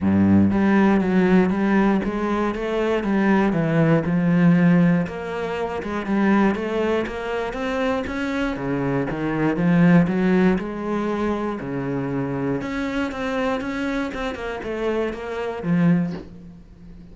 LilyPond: \new Staff \with { instrumentName = "cello" } { \time 4/4 \tempo 4 = 119 g,4 g4 fis4 g4 | gis4 a4 g4 e4 | f2 ais4. gis8 | g4 a4 ais4 c'4 |
cis'4 cis4 dis4 f4 | fis4 gis2 cis4~ | cis4 cis'4 c'4 cis'4 | c'8 ais8 a4 ais4 f4 | }